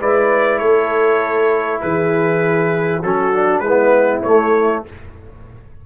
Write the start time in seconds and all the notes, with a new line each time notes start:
0.00 G#3 E4 B4 D5
0.59 A3 A4 C#5
1.81 E3 G#4 B4
3.03 F#3 C#4 F#4 A4
3.34 D4
3.60 G#3 E4 B4
3.68 B3
4.23 A3 C#5